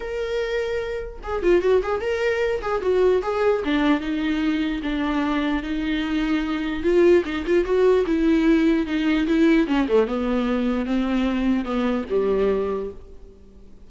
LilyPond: \new Staff \with { instrumentName = "viola" } { \time 4/4 \tempo 4 = 149 ais'2. gis'8 f'8 | fis'8 gis'8 ais'4. gis'8 fis'4 | gis'4 d'4 dis'2 | d'2 dis'2~ |
dis'4 f'4 dis'8 f'8 fis'4 | e'2 dis'4 e'4 | cis'8 a8 b2 c'4~ | c'4 b4 g2 | }